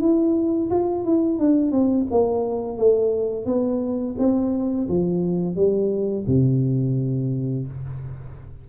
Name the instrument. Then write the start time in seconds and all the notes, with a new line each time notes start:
tuba
0.00 E4
0.70 F4
1.05 E4
1.39 D4
1.71 C4
2.11 A#3
2.77 A3
3.46 B3
4.18 C4
4.88 F3
5.55 G3
6.27 C3